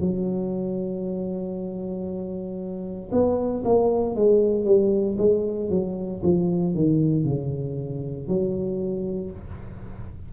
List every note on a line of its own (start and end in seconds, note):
0.00 3.10 F#3
3.11 3.63 B3
3.64 4.15 A#3
4.15 4.65 G#3
4.65 5.16 G3
5.18 5.69 G#3
5.69 6.21 F#3
6.23 6.74 F3
6.74 7.25 D#3
7.25 8.28 C#3
8.28 9.31 F#3